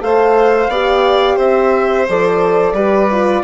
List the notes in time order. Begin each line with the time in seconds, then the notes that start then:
0.00 A3 A4 C5 F5
0.69 B3 G4 D5
1.37 C4 C5 E5
2.09 F3 A4 D5
2.73 G3 G4 B4
3.11 F4